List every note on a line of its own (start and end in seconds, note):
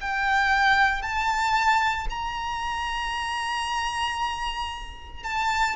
0.00 1.02 G5
1.02 2.07 A5
2.10 5.23 A#5
5.23 5.76 A5